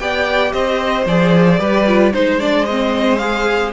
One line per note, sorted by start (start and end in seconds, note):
0.00 0.54 B3
0.00 1.07 G4
0.00 0.53 D5
0.00 0.53 G5
0.53 1.06 C4
0.53 1.60 C5
0.53 1.06 D#5
1.06 1.60 F3
1.06 1.60 G#4
1.06 2.14 D5
1.60 2.13 G3
1.60 1.87 G4
1.60 2.13 B4
1.88 2.14 F4
2.14 3.73 G#3
2.14 2.40 D#4
2.14 2.40 C5
2.14 3.73 C5
2.40 2.67 D4
2.40 2.65 D5
2.65 3.20 C4
2.65 3.18 D#5
3.18 3.73 G#4
3.18 3.72 F5